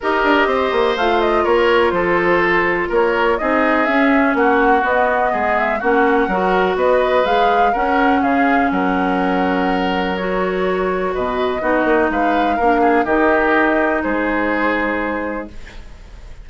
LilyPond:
<<
  \new Staff \with { instrumentName = "flute" } { \time 4/4 \tempo 4 = 124 dis''2 f''8 dis''8 cis''4 | c''2 cis''4 dis''4 | e''4 fis''4 dis''4. e''8 | fis''2 dis''4 f''4 |
fis''4 f''4 fis''2~ | fis''4 cis''2 dis''4~ | dis''4 f''2 dis''4~ | dis''4 c''2. | }
  \new Staff \with { instrumentName = "oboe" } { \time 4/4 ais'4 c''2 ais'4 | a'2 ais'4 gis'4~ | gis'4 fis'2 gis'4 | fis'4 ais'4 b'2 |
ais'4 gis'4 ais'2~ | ais'2. b'4 | fis'4 b'4 ais'8 gis'8 g'4~ | g'4 gis'2. | }
  \new Staff \with { instrumentName = "clarinet" } { \time 4/4 g'2 f'2~ | f'2. dis'4 | cis'2 b2 | cis'4 fis'2 gis'4 |
cis'1~ | cis'4 fis'2. | dis'2 d'4 dis'4~ | dis'1 | }
  \new Staff \with { instrumentName = "bassoon" } { \time 4/4 dis'8 d'8 c'8 ais8 a4 ais4 | f2 ais4 c'4 | cis'4 ais4 b4 gis4 | ais4 fis4 b4 gis4 |
cis'4 cis4 fis2~ | fis2. b,4 | b8 ais8 gis4 ais4 dis4~ | dis4 gis2. | }
>>